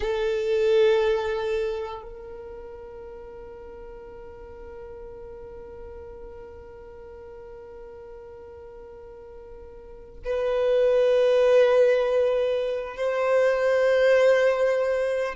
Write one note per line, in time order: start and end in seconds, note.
0.00 2.02 A4
2.02 10.20 A#4
10.25 12.96 B4
12.96 15.35 C5